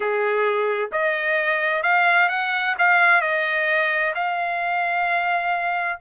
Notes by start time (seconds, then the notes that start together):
0.00 G#4
0.91 D#5
1.83 F5
2.28 F#5
2.78 F5
3.21 D#5
4.14 F5